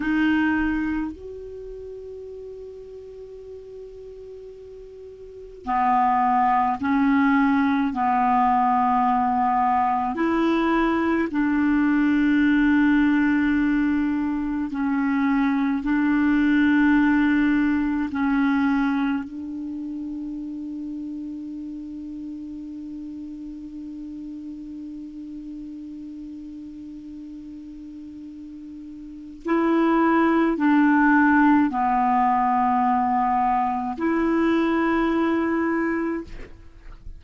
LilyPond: \new Staff \with { instrumentName = "clarinet" } { \time 4/4 \tempo 4 = 53 dis'4 fis'2.~ | fis'4 b4 cis'4 b4~ | b4 e'4 d'2~ | d'4 cis'4 d'2 |
cis'4 d'2.~ | d'1~ | d'2 e'4 d'4 | b2 e'2 | }